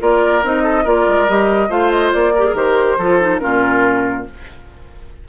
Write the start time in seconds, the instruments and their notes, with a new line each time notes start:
0.00 bassoon A#3, clarinet F4, oboe A#4, flute D5
0.44 bassoon C4, clarinet D#4, flute D#5
0.64 oboe A4
0.84 bassoon A#3, clarinet F4, oboe A#4, flute D5
1.08 bassoon G#3
1.29 bassoon G3, clarinet G4, flute D#5
1.69 bassoon A3, clarinet F4, oboe C5, flute F5
1.91 flute D#5
2.13 bassoon A#3, flute D5
2.35 clarinet G4, oboe A#4
2.46 clarinet G#4
2.54 bassoon D#3, clarinet G4, flute C5
2.98 bassoon F3, clarinet F4, oboe A4
3.21 clarinet D#4
3.39 bassoon A#2, clarinet C#4, oboe F4, flute A#4